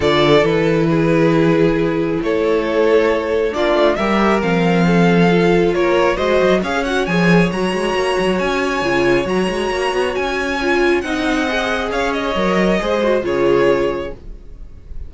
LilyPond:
<<
  \new Staff \with { instrumentName = "violin" } { \time 4/4 \tempo 4 = 136 d''4 b'2.~ | b'4 cis''2. | d''4 e''4 f''2~ | f''4 cis''4 dis''4 f''8 fis''8 |
gis''4 ais''2 gis''4~ | gis''4 ais''2 gis''4~ | gis''4 fis''2 f''8 dis''8~ | dis''2 cis''2 | }
  \new Staff \with { instrumentName = "violin" } { \time 4/4 a'2 gis'2~ | gis'4 a'2. | f'4 ais'2 a'4~ | a'4 ais'4 c''4 cis''4~ |
cis''1~ | cis''1~ | cis''4 dis''2 cis''4~ | cis''4 c''4 gis'2 | }
  \new Staff \with { instrumentName = "viola" } { \time 4/4 f'4 e'2.~ | e'1 | d'4 g'4 c'2 | f'2 fis'4 gis'8 fis'8 |
gis'4 fis'2. | f'4 fis'2. | f'4 dis'4 gis'2 | ais'4 gis'8 fis'8 f'2 | }
  \new Staff \with { instrumentName = "cello" } { \time 4/4 d4 e2.~ | e4 a2. | ais8 a8 g4 f2~ | f4 ais4 gis8 fis8 cis'4 |
f4 fis8 gis8 ais8 fis8 cis'4 | cis4 fis8 gis8 ais8 b8 cis'4~ | cis'4 c'2 cis'4 | fis4 gis4 cis2 | }
>>